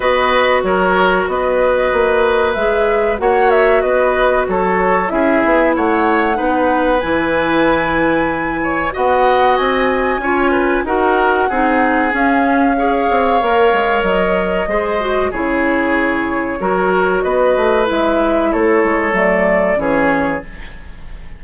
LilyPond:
<<
  \new Staff \with { instrumentName = "flute" } { \time 4/4 \tempo 4 = 94 dis''4 cis''4 dis''2 | e''4 fis''8 e''8 dis''4 cis''4 | e''4 fis''2 gis''4~ | gis''2 fis''4 gis''4~ |
gis''4 fis''2 f''4~ | f''2 dis''2 | cis''2. dis''4 | e''4 cis''4 d''4 cis''4 | }
  \new Staff \with { instrumentName = "oboe" } { \time 4/4 b'4 ais'4 b'2~ | b'4 cis''4 b'4 a'4 | gis'4 cis''4 b'2~ | b'4. cis''8 dis''2 |
cis''8 b'8 ais'4 gis'2 | cis''2. c''4 | gis'2 ais'4 b'4~ | b'4 a'2 gis'4 | }
  \new Staff \with { instrumentName = "clarinet" } { \time 4/4 fis'1 | gis'4 fis'2. | e'2 dis'4 e'4~ | e'2 fis'2 |
f'4 fis'4 dis'4 cis'4 | gis'4 ais'2 gis'8 fis'8 | e'2 fis'2 | e'2 a4 cis'4 | }
  \new Staff \with { instrumentName = "bassoon" } { \time 4/4 b4 fis4 b4 ais4 | gis4 ais4 b4 fis4 | cis'8 b8 a4 b4 e4~ | e2 b4 c'4 |
cis'4 dis'4 c'4 cis'4~ | cis'8 c'8 ais8 gis8 fis4 gis4 | cis2 fis4 b8 a8 | gis4 a8 gis8 fis4 e4 | }
>>